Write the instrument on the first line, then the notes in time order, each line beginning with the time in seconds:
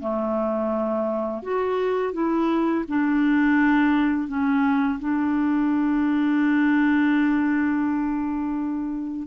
clarinet
0.00 A3
1.43 F#4
2.13 E4
2.88 D4
4.28 C#4
5.00 D4